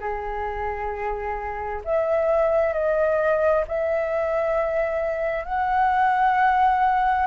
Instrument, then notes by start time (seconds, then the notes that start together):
flute
0.00 G#4
1.85 E5
2.74 D#5
3.68 E5
5.45 F#5